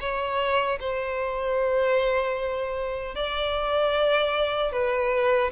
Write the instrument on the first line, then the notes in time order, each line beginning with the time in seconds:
violin
0.00 C#5
0.80 C5
3.15 D5
4.72 B4